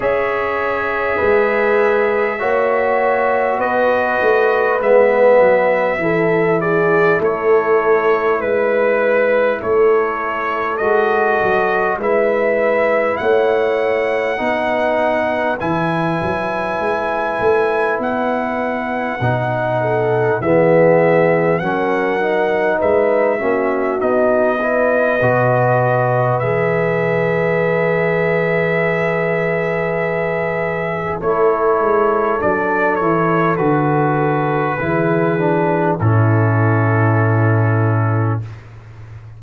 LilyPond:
<<
  \new Staff \with { instrumentName = "trumpet" } { \time 4/4 \tempo 4 = 50 e''2. dis''4 | e''4. d''8 cis''4 b'4 | cis''4 dis''4 e''4 fis''4~ | fis''4 gis''2 fis''4~ |
fis''4 e''4 fis''4 e''4 | dis''2 e''2~ | e''2 cis''4 d''8 cis''8 | b'2 a'2 | }
  \new Staff \with { instrumentName = "horn" } { \time 4/4 cis''4 b'4 cis''4 b'4~ | b'4 a'8 gis'8 a'4 b'4 | a'2 b'4 cis''4 | b'1~ |
b'8 a'8 gis'4 ais'4 b'8 fis'8~ | fis'8 b'2.~ b'8~ | b'2 a'2~ | a'4 gis'4 e'2 | }
  \new Staff \with { instrumentName = "trombone" } { \time 4/4 gis'2 fis'2 | b4 e'2.~ | e'4 fis'4 e'2 | dis'4 e'2. |
dis'4 b4 cis'8 dis'4 cis'8 | dis'8 e'8 fis'4 gis'2~ | gis'2 e'4 d'8 e'8 | fis'4 e'8 d'8 cis'2 | }
  \new Staff \with { instrumentName = "tuba" } { \time 4/4 cis'4 gis4 ais4 b8 a8 | gis8 fis8 e4 a4 gis4 | a4 gis8 fis8 gis4 a4 | b4 e8 fis8 gis8 a8 b4 |
b,4 e4 fis4 gis8 ais8 | b4 b,4 e2~ | e2 a8 gis8 fis8 e8 | d4 e4 a,2 | }
>>